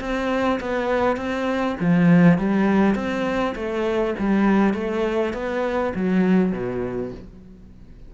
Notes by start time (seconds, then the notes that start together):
0.00 C4
0.60 B3
1.17 C4
1.80 F3
2.38 G3
2.95 C4
3.55 A3
4.19 G3
4.74 A3
5.33 B3
5.95 F#3
6.52 B2